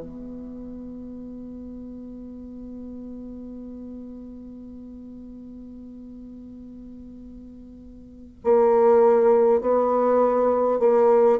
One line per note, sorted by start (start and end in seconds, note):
0.00 8.40 B3
8.44 9.61 A#3
9.61 10.79 B3
10.79 11.39 A#3